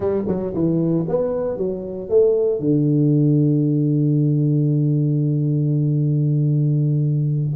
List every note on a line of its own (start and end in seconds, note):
0.00 0.23 G3
0.27 0.53 F#3
0.54 1.06 E3
1.08 1.57 B3
1.57 2.09 F#3
2.09 2.59 A3
2.59 7.55 D3